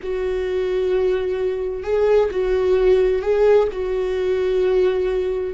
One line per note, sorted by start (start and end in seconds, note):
0.02 1.83 F#4
1.83 2.29 G#4
2.31 3.22 F#4
3.22 3.68 G#4
3.72 5.53 F#4